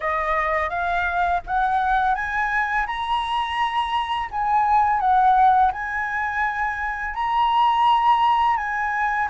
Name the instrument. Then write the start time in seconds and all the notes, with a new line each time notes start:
flute
0.00 D#5
0.69 F5
1.46 F#5
2.14 G#5
2.86 A#5
4.31 G#5
5.00 F#5
5.72 G#5
7.14 A#5
8.56 G#5